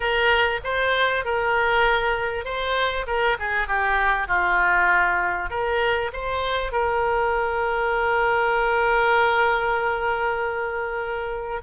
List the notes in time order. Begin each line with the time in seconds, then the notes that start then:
0.00 A#4
0.64 C5
1.24 A#4
2.44 C5
3.06 A#4
3.39 G#4
3.67 G4
4.27 F4
5.49 A#4
6.13 C5
6.72 A#4